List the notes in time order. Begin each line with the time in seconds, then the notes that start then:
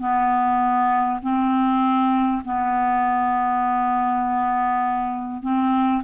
0.00 B3
1.23 C4
2.45 B3
5.43 C4